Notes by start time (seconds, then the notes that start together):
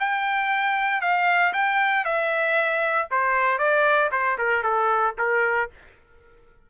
0.00 G5
1.02 F5
1.54 G5
2.05 E5
3.11 C5
3.59 D5
4.12 C5
4.39 A#4
4.64 A4
5.19 A#4